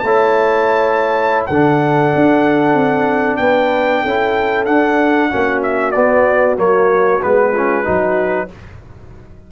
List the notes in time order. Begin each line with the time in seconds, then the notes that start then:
0.00 A3 C#5 A5
0.07 E4
1.47 D3 A4 F#5
1.53 D4
2.15 D4
2.75 C4
3.37 B3 B4 G5
4.02 C#4 E4 A4
4.66 D4 F#5
5.30 A#3 C#4 F#4
5.63 E5
5.92 B3 D5
6.57 F#3 A#3 C#5
7.22 G#3 B3 B4
7.52 C#4 F4
7.84 F#3 D#4 F#4